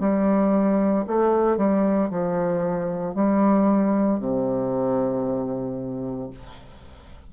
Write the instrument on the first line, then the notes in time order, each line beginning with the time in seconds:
bassoon
0.00 G3
1.07 A3
1.57 G3
2.11 F3
3.15 G3
4.20 C3